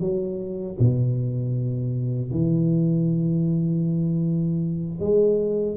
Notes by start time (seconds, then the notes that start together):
0.00 F#3
0.79 B2
2.31 E3
5.00 G#3